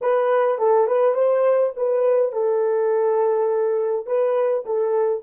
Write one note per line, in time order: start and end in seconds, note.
0.01 0.58 B4
0.58 0.87 A4
0.87 1.14 B4
1.14 1.72 C5
1.76 2.32 B4
2.32 4.06 A4
4.06 4.64 B4
4.65 5.23 A4